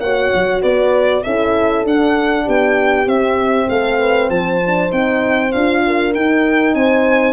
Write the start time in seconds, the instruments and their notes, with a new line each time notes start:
0.00 tuba A#3, horn F#4 C#5, violin F#5
0.35 tuba F#3
0.62 tuba B3, horn B4, violin D5
1.24 tuba C#4, horn E4 A4, violin E5
1.85 horn D4, tuba D4, violin F#5
2.45 tuba B3, horn G4, violin G5
3.07 tuba C4, horn C4, violin E5
3.69 tuba A3, horn A4, violin F5
4.00 horn B4
4.30 tuba F3, horn C5, violin A5
4.67 horn D4
4.89 tuba C4, horn D#4, violin G5
5.52 tuba D4, horn F4, violin F5
5.87 horn A#4
6.15 horn D#4, tuba D#4, violin G5
6.75 tuba C4, horn C5, violin G#5